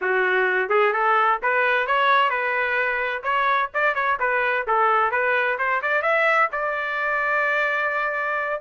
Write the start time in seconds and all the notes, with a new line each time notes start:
0.01 F#4
0.69 G#4
0.93 A4
1.42 B4
1.86 C#5
2.30 B4
3.23 C#5
3.74 D5
3.95 C#5
4.19 B4
4.67 A4
5.11 B4
5.58 C5
5.82 D5
6.02 E5
6.52 D5